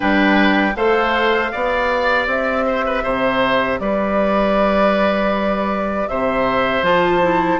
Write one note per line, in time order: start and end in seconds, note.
0.00 0.75 G3
0.00 0.72 D4
0.00 0.74 B4
0.00 0.75 G5
0.75 1.51 A3
0.75 1.51 A4
0.75 1.51 C5
0.75 2.28 F5
1.51 2.27 B3
1.51 6.82 G4
1.51 2.65 D5
2.27 3.03 C4
2.27 3.80 E5
2.66 2.84 C5
2.86 3.03 B4
3.03 3.79 C3
3.03 3.79 C5
3.79 6.07 G3
3.79 6.09 B4
3.79 6.08 D5
6.08 6.81 C3
6.08 7.59 C5
6.08 6.84 E5
6.81 7.57 F3
6.81 7.20 F4
6.81 7.59 A5
7.22 7.59 E4